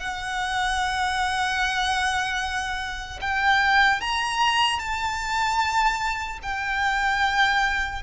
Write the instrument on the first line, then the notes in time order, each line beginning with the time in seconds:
violin
0.00 F#5
3.21 G5
4.01 A#5
4.79 A5
6.43 G5